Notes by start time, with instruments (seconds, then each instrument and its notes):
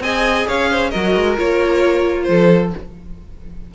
0.00 cello C4, viola G#4, violin D#5 G#5
0.48 cello C#4, violin C#5 F5
0.71 violin C5
0.90 cello F#3, viola F#4, violin A#4 D#5
1.16 cello G#3
1.36 cello A#3, viola F4, violin C#5
2.23 cello F3, violin C5
2.30 violin A4